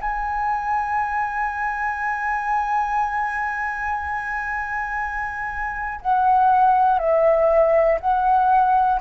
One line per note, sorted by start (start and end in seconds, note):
0.00 6.00 G#5
6.00 6.99 F#5
6.99 7.99 E5
8.00 9.00 F#5